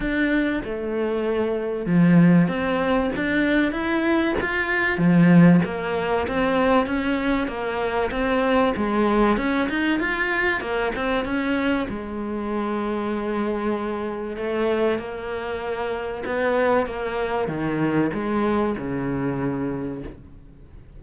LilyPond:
\new Staff \with { instrumentName = "cello" } { \time 4/4 \tempo 4 = 96 d'4 a2 f4 | c'4 d'4 e'4 f'4 | f4 ais4 c'4 cis'4 | ais4 c'4 gis4 cis'8 dis'8 |
f'4 ais8 c'8 cis'4 gis4~ | gis2. a4 | ais2 b4 ais4 | dis4 gis4 cis2 | }